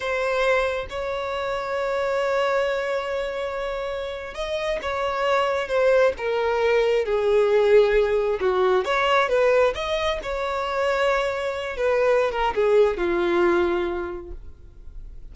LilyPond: \new Staff \with { instrumentName = "violin" } { \time 4/4 \tempo 4 = 134 c''2 cis''2~ | cis''1~ | cis''4.~ cis''16 dis''4 cis''4~ cis''16~ | cis''8. c''4 ais'2 gis'16~ |
gis'2~ gis'8. fis'4 cis''16~ | cis''8. b'4 dis''4 cis''4~ cis''16~ | cis''2~ cis''16 b'4~ b'16 ais'8 | gis'4 f'2. | }